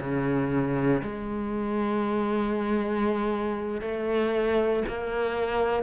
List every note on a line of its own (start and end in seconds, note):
0.00 1.02 C#3
1.02 3.81 G#3
3.81 4.83 A3
4.88 5.83 A#3